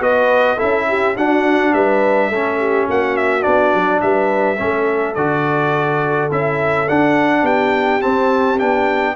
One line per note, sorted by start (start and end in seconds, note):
0.00 0.57 B3
0.00 0.57 F#4
0.00 0.56 B4
0.00 0.59 D#5
0.56 1.17 C#4
0.56 1.15 E4
0.56 0.84 A4
0.56 1.16 E5
0.88 1.16 G4
1.16 1.73 D4
1.16 2.32 D4
1.16 1.73 F#4
1.16 1.73 F#5
1.73 2.30 G3
1.73 2.29 B4
1.73 2.87 E5
2.29 2.87 A3
2.29 3.41 C#4
2.29 2.58 A4
2.58 2.87 G4
2.87 3.45 A#3
2.87 4.01 F#4
2.87 3.16 F#5
3.16 3.42 E5
3.41 3.73 B3
3.41 4.55 D4
3.41 4.00 D5
3.73 4.02 F#3
4.01 4.59 G3
4.01 4.59 B4
4.01 5.14 E5
4.58 5.16 A3
4.58 5.15 C#4
4.58 7.42 A4
5.14 6.30 D3
5.14 6.30 F#4
5.14 6.29 D5
6.30 6.88 C#4
6.30 6.87 E4
6.30 6.88 E5
6.88 8.00 D4
6.88 7.42 D4
6.88 7.45 F#5
7.42 7.99 B3
7.42 9.14 G4
7.42 8.01 G5
8.00 8.58 C4
8.00 8.61 C4
8.00 8.58 A5
8.59 9.15 B3
8.59 9.15 D4
8.59 9.15 G5